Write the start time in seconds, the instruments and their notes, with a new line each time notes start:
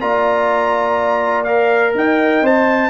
0.00 tuba A#3, trombone F4, horn D5, trumpet A#5
1.43 trombone A#4, trumpet F5
1.94 tuba D#4, horn D#5, trumpet G5
2.41 tuba C4, trombone C5, trumpet A5